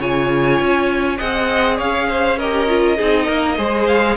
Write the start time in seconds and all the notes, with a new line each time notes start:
0.00 C#3 F4 C#5 G#5
0.60 C#4
1.18 C4 G#4 D#5 F#5
1.77 C#4 C#5 F5
2.09 C5
2.39 G4 A#4 D#5
2.69 F4
2.98 C4 D#4 G#4
3.26 A#3 A#4
3.58 G#3 G#4 C5
3.88 F5